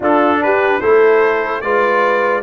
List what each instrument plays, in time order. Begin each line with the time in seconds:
0.00 tuba D4, trombone D4, horn F4, trumpet A4
0.42 horn G4, trumpet B4
0.79 tuba A3, trombone E4, horn A4, trumpet C5
1.61 tuba G#3, trombone F4, horn B4, trumpet D5